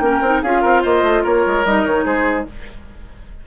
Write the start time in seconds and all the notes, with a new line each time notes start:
0.00 A#3 C#4 A#4 G5
0.21 C4 D#4
0.43 C#4 F4 G#4 F5
0.62 C4 A#4
0.82 A#3 C5 D#5
1.03 A3
1.24 A#3 A#4 C#5
1.47 G#3
1.65 G3 D#4 D#5
1.86 D#3 C#5
2.05 G#3 G#4 C5